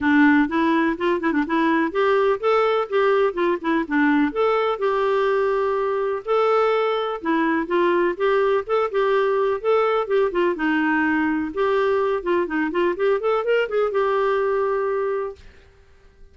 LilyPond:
\new Staff \with { instrumentName = "clarinet" } { \time 4/4 \tempo 4 = 125 d'4 e'4 f'8 e'16 d'16 e'4 | g'4 a'4 g'4 f'8 e'8 | d'4 a'4 g'2~ | g'4 a'2 e'4 |
f'4 g'4 a'8 g'4. | a'4 g'8 f'8 dis'2 | g'4. f'8 dis'8 f'8 g'8 a'8 | ais'8 gis'8 g'2. | }